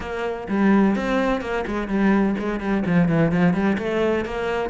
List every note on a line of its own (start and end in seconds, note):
0.00 0.47 A#3
0.48 0.95 G3
0.95 1.41 C4
1.41 1.64 A#3
1.66 1.88 G#3
1.88 2.35 G3
2.38 2.59 G#3
2.59 2.83 G3
2.85 3.08 F3
3.08 3.31 E3
3.31 3.53 F3
3.53 3.77 G3
3.78 4.25 A3
4.25 4.69 A#3